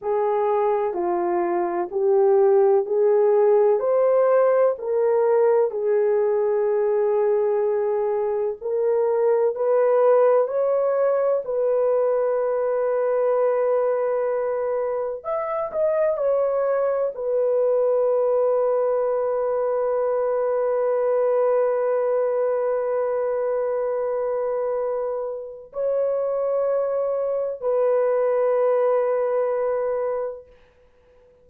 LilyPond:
\new Staff \with { instrumentName = "horn" } { \time 4/4 \tempo 4 = 63 gis'4 f'4 g'4 gis'4 | c''4 ais'4 gis'2~ | gis'4 ais'4 b'4 cis''4 | b'1 |
e''8 dis''8 cis''4 b'2~ | b'1~ | b'2. cis''4~ | cis''4 b'2. | }